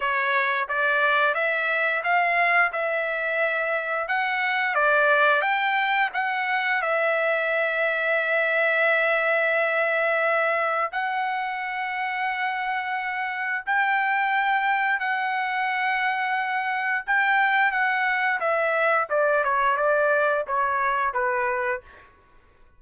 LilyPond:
\new Staff \with { instrumentName = "trumpet" } { \time 4/4 \tempo 4 = 88 cis''4 d''4 e''4 f''4 | e''2 fis''4 d''4 | g''4 fis''4 e''2~ | e''1 |
fis''1 | g''2 fis''2~ | fis''4 g''4 fis''4 e''4 | d''8 cis''8 d''4 cis''4 b'4 | }